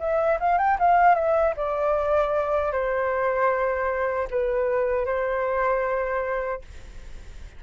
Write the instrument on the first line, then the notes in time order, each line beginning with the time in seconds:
flute
0.00 E5
0.40 F5
0.58 G5
0.80 F5
1.15 E5
1.57 D5
2.72 C5
4.31 B4
5.06 C5